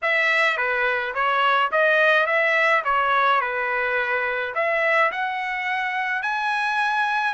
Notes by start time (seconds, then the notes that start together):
0.02 E5
0.57 B4
1.14 C#5
1.71 D#5
2.26 E5
2.84 C#5
3.40 B4
4.54 E5
5.11 F#5
6.22 G#5